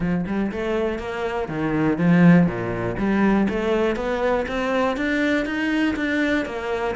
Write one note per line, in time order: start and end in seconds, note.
0.00 0.25 F3
0.26 0.51 G3
0.51 0.98 A3
0.98 1.48 A#3
1.48 1.97 D#3
1.97 2.47 F3
2.47 2.96 A#2
2.98 3.47 G3
3.49 3.96 A3
3.96 4.45 B3
4.48 4.97 C4
4.97 5.45 D4
5.45 5.95 D#4
5.95 6.45 D4
6.45 6.95 A#3